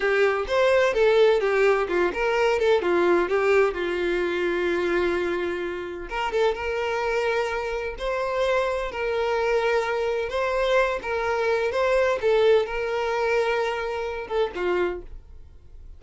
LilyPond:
\new Staff \with { instrumentName = "violin" } { \time 4/4 \tempo 4 = 128 g'4 c''4 a'4 g'4 | f'8 ais'4 a'8 f'4 g'4 | f'1~ | f'4 ais'8 a'8 ais'2~ |
ais'4 c''2 ais'4~ | ais'2 c''4. ais'8~ | ais'4 c''4 a'4 ais'4~ | ais'2~ ais'8 a'8 f'4 | }